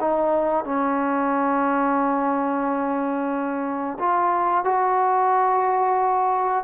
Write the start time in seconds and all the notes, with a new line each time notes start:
0.00 D#4
0.64 C#4
3.98 F4
4.64 F#4